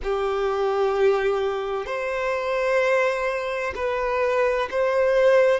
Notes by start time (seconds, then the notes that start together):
0.03 G4
1.85 C5
3.75 B4
4.70 C5